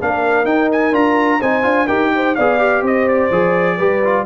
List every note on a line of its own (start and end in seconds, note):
0.00 0.44 A#3
0.00 0.45 D4
0.00 1.40 A#4
0.00 0.46 F5
0.44 0.92 D#4
0.44 0.93 D#4
0.44 0.70 G5
0.72 0.95 G#5
0.92 1.39 D4
0.92 1.40 F4
0.92 1.42 A#5
1.40 1.65 C4
1.40 1.63 D#4
1.40 1.86 C5
1.40 1.87 G#5
1.63 1.88 D4
1.63 1.87 F4
1.86 2.37 D#4
1.86 2.36 G4
1.86 2.10 A#4
1.86 2.35 G5
2.15 2.36 C5
2.35 2.82 B3
2.35 2.59 G#4
2.35 2.83 D5
2.35 2.83 F5
2.59 3.31 G4
2.82 3.29 C4
2.82 3.77 C5
2.82 3.08 D#5
3.08 4.26 D5
3.31 3.79 F3
3.31 3.79 G#4
3.77 4.26 G3
3.77 4.03 G4
3.77 4.25 B4
4.04 4.26 F4